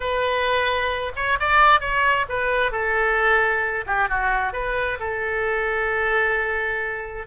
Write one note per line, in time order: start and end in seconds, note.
0.00 1.12 B4
1.15 1.38 C#5
1.39 1.80 D5
1.80 2.25 C#5
2.29 2.71 B4
2.71 3.85 A4
3.86 4.08 G4
4.08 4.52 F#4
4.52 4.98 B4
4.99 7.26 A4